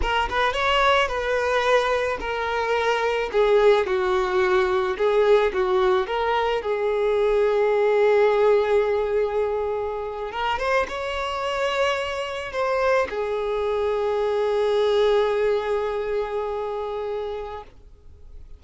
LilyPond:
\new Staff \with { instrumentName = "violin" } { \time 4/4 \tempo 4 = 109 ais'8 b'8 cis''4 b'2 | ais'2 gis'4 fis'4~ | fis'4 gis'4 fis'4 ais'4 | gis'1~ |
gis'2~ gis'8. ais'8 c''8 cis''16~ | cis''2~ cis''8. c''4 gis'16~ | gis'1~ | gis'1 | }